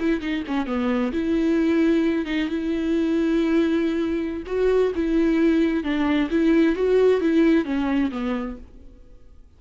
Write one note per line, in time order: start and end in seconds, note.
0.00 0.21 E4
0.21 0.44 D#4
0.48 0.67 C#4
0.67 1.13 B3
1.13 2.26 E4
2.26 2.49 D#4
2.49 4.44 E4
4.47 4.93 F#4
4.96 5.84 E4
5.84 6.30 D4
6.31 6.76 E4
6.76 7.21 F#4
7.21 7.65 E4
7.65 8.11 C#4
8.12 8.58 B3